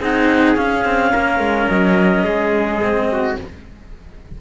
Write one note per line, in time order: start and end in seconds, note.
0.00 0.56 C4
0.00 0.56 D#4
0.00 1.12 G#4
0.00 0.57 F#5
0.56 2.80 C#4
0.56 0.85 C#4
0.56 1.68 F5
0.85 1.13 C4
1.12 1.39 A#3
1.12 2.24 A#4
1.39 1.67 G#3
1.68 2.24 F#3
1.68 3.37 D#5
2.24 3.36 G#3
2.24 3.08 G#4
2.82 3.38 C4
3.13 3.41 F#4